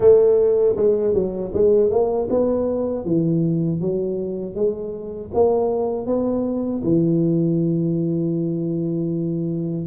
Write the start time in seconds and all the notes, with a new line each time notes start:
0.00 A3
0.76 G#3
1.14 F#3
1.53 G#3
1.90 A#3
2.30 B3
3.04 E3
3.80 F#3
4.55 G#3
5.34 A#3
6.06 B3
6.83 E3